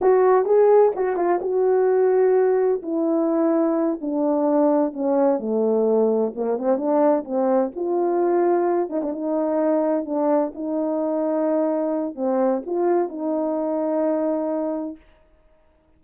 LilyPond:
\new Staff \with { instrumentName = "horn" } { \time 4/4 \tempo 4 = 128 fis'4 gis'4 fis'8 f'8 fis'4~ | fis'2 e'2~ | e'8 d'2 cis'4 a8~ | a4. ais8 c'8 d'4 c'8~ |
c'8 f'2~ f'8 dis'16 d'16 dis'8~ | dis'4. d'4 dis'4.~ | dis'2 c'4 f'4 | dis'1 | }